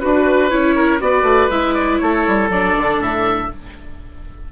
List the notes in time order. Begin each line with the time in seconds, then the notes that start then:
0.00 D4 F#4 B4
0.49 C#4 E4 C#5
0.76 A#4
1.00 B3 F#4 B4 D5
1.23 A3
1.50 G#3 E4 E5
1.74 D5
1.99 A3 A4 C#5
2.28 G3
2.50 F#3 D4 D5
2.78 D3
2.99 A2 E5